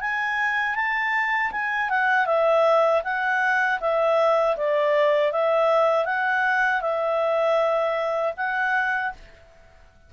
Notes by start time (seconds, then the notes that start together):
0.00 G#5
0.75 A5
1.51 G#5
1.89 F#5
2.25 E5
3.03 F#5
3.80 E5
4.56 D5
5.31 E5
6.05 F#5
6.81 E5
8.36 F#5